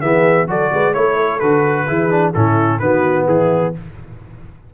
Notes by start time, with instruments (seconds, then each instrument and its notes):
0.00 tuba E3, trombone B3, horn G#4, trumpet E5
0.46 tuba F#3, trombone F#4, horn A4, trumpet D5
0.73 tuba G#3, horn B4
0.92 tuba A3, trombone E4, horn C#5, trumpet C#5
1.16 horn A4
1.39 tuba D3, trombone F#4, trumpet B4
1.87 tuba E3, trombone E4, horn G#4
2.10 trombone D4
2.34 tuba A2, trombone C#4, horn E4, trumpet A4
2.78 tuba D#3, trombone B3, horn F#4, trumpet B4
3.26 tuba E3, horn E4, trumpet G#4